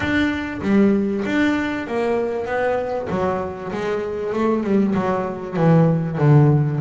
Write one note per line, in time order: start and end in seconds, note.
0.00 0.60 D4
0.61 1.23 G3
1.25 1.87 D4
1.87 2.46 A#3
2.46 3.08 B3
3.09 3.71 F#3
3.72 4.33 G#3
4.33 4.63 A3
4.63 4.94 G3
4.95 5.56 F#3
5.56 6.18 E3
6.18 6.80 D3